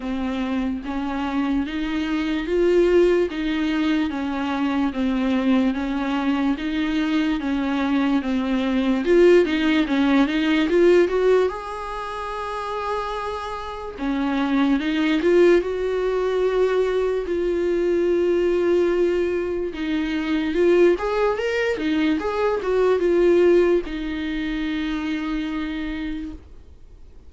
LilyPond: \new Staff \with { instrumentName = "viola" } { \time 4/4 \tempo 4 = 73 c'4 cis'4 dis'4 f'4 | dis'4 cis'4 c'4 cis'4 | dis'4 cis'4 c'4 f'8 dis'8 | cis'8 dis'8 f'8 fis'8 gis'2~ |
gis'4 cis'4 dis'8 f'8 fis'4~ | fis'4 f'2. | dis'4 f'8 gis'8 ais'8 dis'8 gis'8 fis'8 | f'4 dis'2. | }